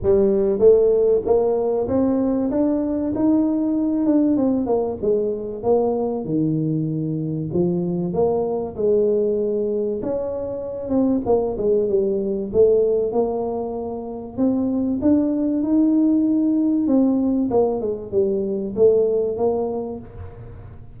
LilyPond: \new Staff \with { instrumentName = "tuba" } { \time 4/4 \tempo 4 = 96 g4 a4 ais4 c'4 | d'4 dis'4. d'8 c'8 ais8 | gis4 ais4 dis2 | f4 ais4 gis2 |
cis'4. c'8 ais8 gis8 g4 | a4 ais2 c'4 | d'4 dis'2 c'4 | ais8 gis8 g4 a4 ais4 | }